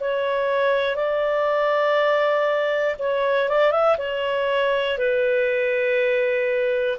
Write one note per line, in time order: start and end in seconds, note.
0.00 0.96 C#5
0.96 2.96 D5
2.99 3.49 C#5
3.49 3.72 D5
3.72 3.97 E5
3.99 4.99 C#5
4.99 6.99 B4